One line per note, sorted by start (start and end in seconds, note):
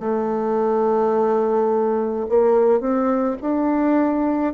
0.00 2.26 A3
2.30 2.80 A#3
2.80 3.37 C4
3.42 4.54 D4